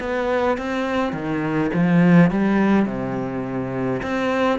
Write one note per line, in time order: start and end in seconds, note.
0.00 0.58 B3
0.58 1.13 C4
1.13 1.70 D#3
1.74 2.31 F3
2.31 2.86 G3
2.86 4.02 C3
4.03 4.59 C4